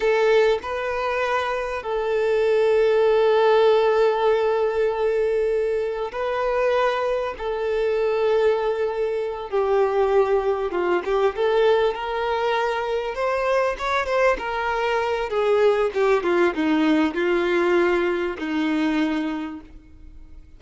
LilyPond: \new Staff \with { instrumentName = "violin" } { \time 4/4 \tempo 4 = 98 a'4 b'2 a'4~ | a'1~ | a'2 b'2 | a'2.~ a'8 g'8~ |
g'4. f'8 g'8 a'4 ais'8~ | ais'4. c''4 cis''8 c''8 ais'8~ | ais'4 gis'4 g'8 f'8 dis'4 | f'2 dis'2 | }